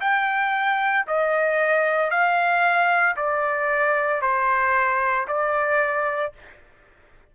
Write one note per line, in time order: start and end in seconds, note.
0.00 1.05 G5
1.07 2.10 D#5
2.10 3.15 F5
3.16 4.22 D5
4.22 5.27 C5
5.27 6.33 D5